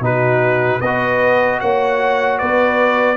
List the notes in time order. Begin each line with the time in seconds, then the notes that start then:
0.00 B2 D#4 F#4 B4
0.80 B3 F#4 B4 D#5
1.60 A#3 C#5 F#5
2.38 B3 B4 D5